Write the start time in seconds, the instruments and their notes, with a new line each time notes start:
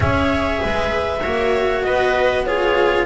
0.00 double bass C#4, cello G#4, viola C#5, clarinet E5
0.62 double bass G#3, viola B4
1.22 double bass A#3, cello F#4, viola C#5
1.82 double bass B3, viola B4, clarinet D#5
2.45 cello F4, viola G#4, clarinet C#5